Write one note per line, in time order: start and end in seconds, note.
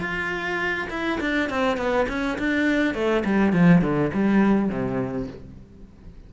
0.00 0.88 F4
0.90 1.20 E4
1.21 1.50 D4
1.50 1.77 C4
1.77 2.07 B3
2.09 2.38 C#4
2.39 2.95 D4
2.95 3.24 A3
3.25 3.53 G3
3.53 3.82 F3
3.82 4.11 D3
4.14 4.69 G3
4.69 5.28 C3